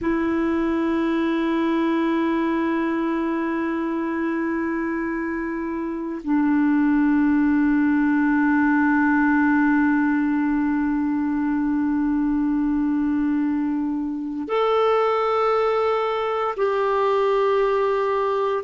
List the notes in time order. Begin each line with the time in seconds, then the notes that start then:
0.01 E4
6.24 D4
14.48 A4
16.56 G4